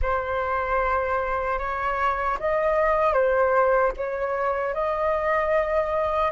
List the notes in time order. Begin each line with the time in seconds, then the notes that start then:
0.01 C5
1.59 C#5
2.39 D#5
3.13 C5
3.97 C#5
4.74 D#5